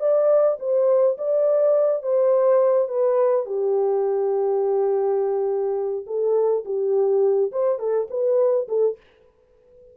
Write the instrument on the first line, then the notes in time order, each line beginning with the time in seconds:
horn
0.00 D5
0.60 C5
1.18 D5
2.03 C5
2.88 B4
3.46 G4
6.07 A4
6.65 G4
7.52 C5
7.79 A4
8.10 B4
8.69 A4